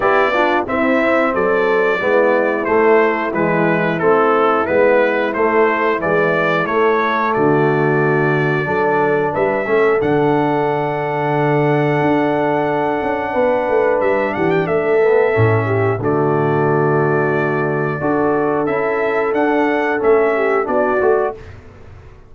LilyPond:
<<
  \new Staff \with { instrumentName = "trumpet" } { \time 4/4 \tempo 4 = 90 d''4 e''4 d''2 | c''4 b'4 a'4 b'4 | c''4 d''4 cis''4 d''4~ | d''2 e''4 fis''4~ |
fis''1~ | fis''4 e''8 fis''16 g''16 e''2 | d''1 | e''4 fis''4 e''4 d''4 | }
  \new Staff \with { instrumentName = "horn" } { \time 4/4 g'8 f'8 e'4 a'4 e'4~ | e'1~ | e'2. fis'4~ | fis'4 a'4 b'8 a'4.~ |
a'1 | b'4. g'8 a'4. g'8 | fis'2. a'4~ | a'2~ a'8 g'8 fis'4 | }
  \new Staff \with { instrumentName = "trombone" } { \time 4/4 e'8 d'8 c'2 b4 | a4 gis4 c'4 b4 | a4 e4 a2~ | a4 d'4. cis'8 d'4~ |
d'1~ | d'2~ d'8 b8 cis'4 | a2. fis'4 | e'4 d'4 cis'4 d'8 fis'8 | }
  \new Staff \with { instrumentName = "tuba" } { \time 4/4 b4 c'4 fis4 gis4 | a4 e4 a4 gis4 | a4 gis4 a4 d4~ | d4 fis4 g8 a8 d4~ |
d2 d'4. cis'8 | b8 a8 g8 e8 a4 a,4 | d2. d'4 | cis'4 d'4 a4 b8 a8 | }
>>